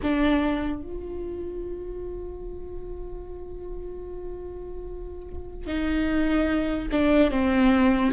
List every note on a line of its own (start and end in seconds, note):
0.03 0.82 D4
0.82 5.66 F4
5.66 6.88 D#4
6.91 7.30 D4
7.30 8.11 C4